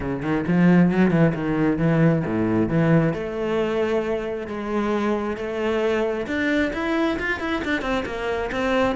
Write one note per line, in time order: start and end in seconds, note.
0.00 0.22 C#3
0.22 0.45 D#3
0.47 0.91 F3
0.91 1.11 F#3
1.11 1.33 E3
1.34 1.78 D#3
1.78 2.23 E3
2.25 2.68 A2
2.68 3.13 E3
3.13 4.47 A3
4.47 5.36 G#3
5.36 6.26 A3
6.26 6.71 D4
6.73 7.18 E4
7.19 7.40 F4
7.40 7.62 E4
7.64 7.81 D4
7.81 8.04 C4
8.05 8.50 A#3
8.51 8.95 C4